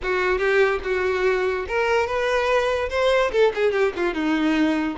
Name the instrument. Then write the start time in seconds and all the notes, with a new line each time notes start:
violin
0.03 F#4
0.38 G4
0.83 F#4
1.67 A#4
2.06 B4
2.89 C5
3.31 A4
3.54 G#4
3.72 G4
3.96 F4
4.14 D#4